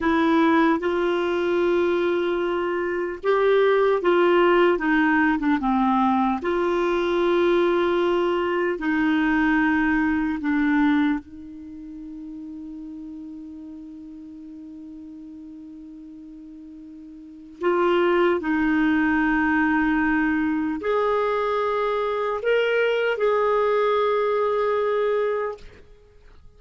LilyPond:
\new Staff \with { instrumentName = "clarinet" } { \time 4/4 \tempo 4 = 75 e'4 f'2. | g'4 f'4 dis'8. d'16 c'4 | f'2. dis'4~ | dis'4 d'4 dis'2~ |
dis'1~ | dis'2 f'4 dis'4~ | dis'2 gis'2 | ais'4 gis'2. | }